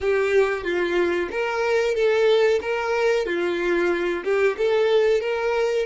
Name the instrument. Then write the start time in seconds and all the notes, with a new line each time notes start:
violin
0.00 G4
0.63 F4
1.31 A#4
1.94 A4
2.61 A#4
3.25 F4
4.24 G4
4.57 A4
5.21 A#4